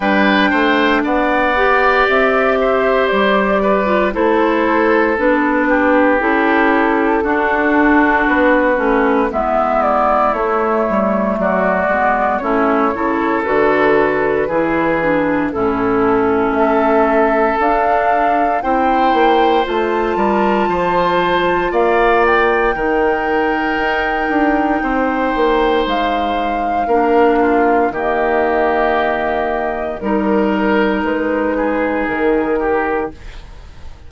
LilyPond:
<<
  \new Staff \with { instrumentName = "flute" } { \time 4/4 \tempo 4 = 58 g''4 fis''4 e''4 d''4 | c''4 b'4 a'2 | b'4 e''8 d''8 cis''4 d''4 | cis''4 b'2 a'4 |
e''4 f''4 g''4 a''4~ | a''4 f''8 g''2~ g''8~ | g''4 f''2 dis''4~ | dis''4 ais'4 b'4 ais'4 | }
  \new Staff \with { instrumentName = "oboe" } { \time 4/4 b'8 c''8 d''4. c''4 b'8 | a'4. g'4. fis'4~ | fis'4 e'2 fis'4 | e'8 a'4. gis'4 e'4 |
a'2 c''4. ais'8 | c''4 d''4 ais'2 | c''2 ais'8 f'8 g'4~ | g'4 ais'4. gis'4 g'8 | }
  \new Staff \with { instrumentName = "clarinet" } { \time 4/4 d'4. g'2~ g'16 f'16 | e'4 d'4 e'4 d'4~ | d'8 cis'8 b4 a4. b8 | cis'8 e'8 fis'4 e'8 d'8 cis'4~ |
cis'4 d'4 e'4 f'4~ | f'2 dis'2~ | dis'2 d'4 ais4~ | ais4 dis'2. | }
  \new Staff \with { instrumentName = "bassoon" } { \time 4/4 g8 a8 b4 c'4 g4 | a4 b4 cis'4 d'4 | b8 a8 gis4 a8 g8 fis8 gis8 | a8 cis8 d4 e4 a,4 |
a4 d'4 c'8 ais8 a8 g8 | f4 ais4 dis4 dis'8 d'8 | c'8 ais8 gis4 ais4 dis4~ | dis4 g4 gis4 dis4 | }
>>